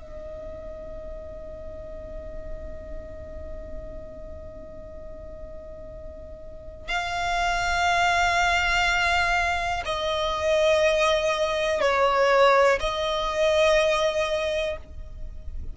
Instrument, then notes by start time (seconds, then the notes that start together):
violin
0.00 D#5
6.88 F5
9.85 D#5
11.81 C#5
12.80 D#5